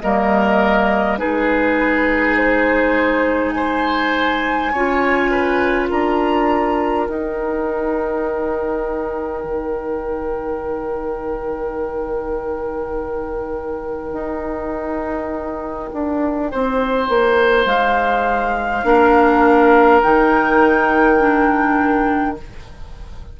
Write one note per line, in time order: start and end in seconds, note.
0.00 1.20 G3
0.00 1.18 A#3
0.00 1.19 A#4
0.00 1.18 D#5
1.18 4.73 G#3
1.18 4.71 D#4
1.18 3.54 G#4
1.18 2.36 B4
2.37 3.51 C5
3.51 4.72 C5
3.51 5.86 G#5
4.72 5.90 C#4
4.72 7.09 F4
4.72 5.31 C#5
5.31 5.89 B4
5.89 7.08 D4
5.89 16.48 A#4
5.89 7.07 A#5
7.07 9.43 D#4
7.07 18.84 D#4
7.07 17.66 G5
9.43 14.13 D#3
14.13 15.89 D#4
15.93 16.52 D4
16.51 17.09 C4
16.51 18.86 C5
17.09 17.65 A#3
17.65 18.83 G#3
17.65 20.01 F5
18.84 20.01 A#3
18.84 20.01 D4
18.84 22.39 A#4
20.02 22.40 D#3
20.02 21.19 D#4
20.02 22.37 G5
21.19 22.37 D4